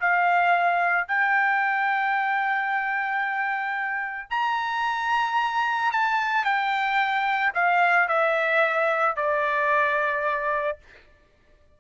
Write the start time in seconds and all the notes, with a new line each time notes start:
0.00 F5
1.08 G5
4.30 A#5
5.92 A5
6.44 G5
7.54 F5
8.08 E5
9.16 D5